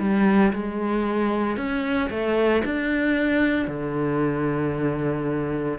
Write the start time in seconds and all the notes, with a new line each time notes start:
0.00 G3
0.53 G#3
1.57 C#4
2.10 A3
2.65 D4
3.68 D3